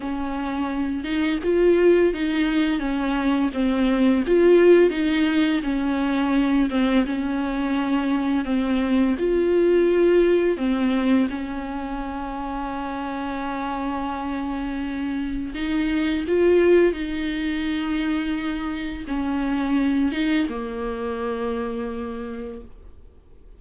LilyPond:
\new Staff \with { instrumentName = "viola" } { \time 4/4 \tempo 4 = 85 cis'4. dis'8 f'4 dis'4 | cis'4 c'4 f'4 dis'4 | cis'4. c'8 cis'2 | c'4 f'2 c'4 |
cis'1~ | cis'2 dis'4 f'4 | dis'2. cis'4~ | cis'8 dis'8 ais2. | }